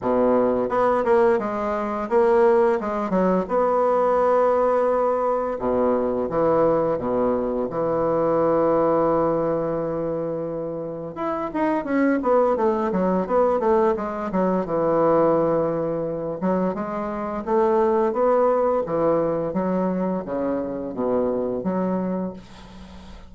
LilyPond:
\new Staff \with { instrumentName = "bassoon" } { \time 4/4 \tempo 4 = 86 b,4 b8 ais8 gis4 ais4 | gis8 fis8 b2. | b,4 e4 b,4 e4~ | e1 |
e'8 dis'8 cis'8 b8 a8 fis8 b8 a8 | gis8 fis8 e2~ e8 fis8 | gis4 a4 b4 e4 | fis4 cis4 b,4 fis4 | }